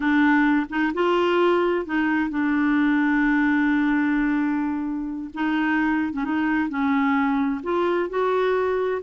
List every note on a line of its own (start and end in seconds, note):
0.00 0.66 D4
0.69 0.92 D#4
0.94 1.85 F4
1.85 2.30 D#4
2.30 5.30 D4
5.33 6.12 D#4
6.12 6.24 C#4
6.24 6.69 D#4
6.69 7.61 C#4
7.63 8.09 F4
8.09 9.01 F#4